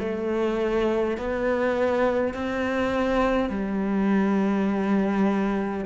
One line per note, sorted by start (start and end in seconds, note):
0.00 1.18 A3
1.18 2.34 B3
2.34 3.50 C4
3.50 5.85 G3